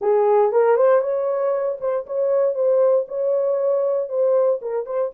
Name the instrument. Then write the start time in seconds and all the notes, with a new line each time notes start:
horn
0.01 G#4
0.52 A#4
0.76 C5
1.01 C#5
1.80 C5
2.06 C#5
2.54 C5
3.08 C#5
4.08 C5
4.61 A#4
4.86 C5